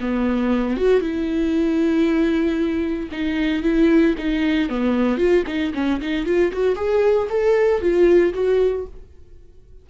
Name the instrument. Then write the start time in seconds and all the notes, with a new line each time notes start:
viola
0.00 B3
0.76 F#4
1.00 E4
3.11 D#4
3.62 E4
4.17 D#4
4.69 B3
5.17 F4
5.46 D#4
5.74 C#4
6.00 D#4
6.25 F4
6.52 F#4
6.75 G#4
7.29 A4
7.81 F4
8.33 F#4